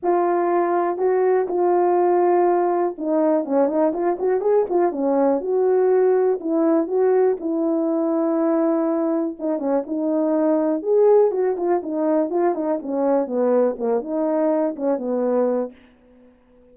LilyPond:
\new Staff \with { instrumentName = "horn" } { \time 4/4 \tempo 4 = 122 f'2 fis'4 f'4~ | f'2 dis'4 cis'8 dis'8 | f'8 fis'8 gis'8 f'8 cis'4 fis'4~ | fis'4 e'4 fis'4 e'4~ |
e'2. dis'8 cis'8 | dis'2 gis'4 fis'8 f'8 | dis'4 f'8 dis'8 cis'4 b4 | ais8 dis'4. cis'8 b4. | }